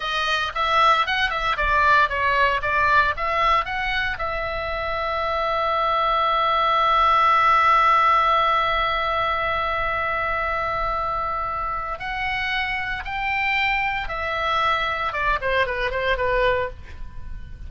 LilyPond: \new Staff \with { instrumentName = "oboe" } { \time 4/4 \tempo 4 = 115 dis''4 e''4 fis''8 e''8 d''4 | cis''4 d''4 e''4 fis''4 | e''1~ | e''1~ |
e''1~ | e''2. fis''4~ | fis''4 g''2 e''4~ | e''4 d''8 c''8 b'8 c''8 b'4 | }